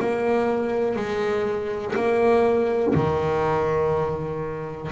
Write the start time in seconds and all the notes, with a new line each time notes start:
0.00 A#3
0.97 G#3
1.96 A#3
2.95 D#3